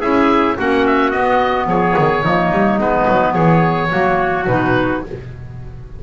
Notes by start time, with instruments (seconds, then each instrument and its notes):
0.00 double bass C#4, clarinet E4, trumpet G#4, oboe E5
0.56 double bass A#3, clarinet C#4, trumpet F#4, oboe F#5
0.86 oboe E5
1.10 clarinet B3, double bass B3, oboe D#5
1.66 double bass F3, trumpet G#4, oboe C#5
1.98 double bass D#3
2.23 double bass F3, clarinet A#3, trumpet D#4
2.51 double bass G3
2.78 double bass G#3, clarinet B3, oboe B4
3.07 double bass F#3
3.33 double bass E3, trumpet G#4, oboe C#5
3.90 double bass F#3, clarinet A#3, trumpet F#4
4.47 double bass B2, clarinet D#4, oboe B4